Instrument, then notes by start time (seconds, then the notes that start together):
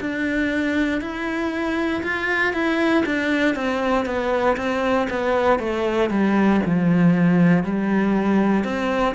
cello
0.00 D4
1.01 E4
2.03 F4
2.53 E4
3.05 D4
3.55 C4
4.05 B3
4.57 C4
5.10 B3
5.59 A3
6.10 G3
6.65 F3
7.63 G3
8.64 C4